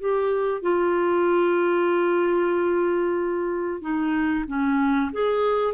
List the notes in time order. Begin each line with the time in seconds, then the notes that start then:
0.00 G4
0.62 F4
3.81 D#4
4.47 C#4
5.12 G#4